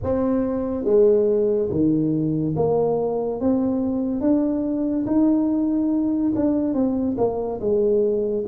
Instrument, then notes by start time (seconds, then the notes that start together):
tuba
0.03 C4
0.84 G#3
1.70 D#3
2.55 A#3
3.40 C4
4.20 D4
5.06 D#4
6.35 D4
6.74 C4
7.17 A#3
7.60 G#3